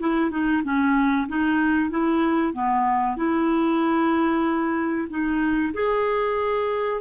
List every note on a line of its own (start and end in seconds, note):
0.00 0.31 E4
0.31 0.63 D#4
0.64 1.28 C#4
1.29 1.90 D#4
1.90 2.54 E4
2.54 3.17 B3
3.17 5.08 E4
5.10 5.74 D#4
5.74 7.01 G#4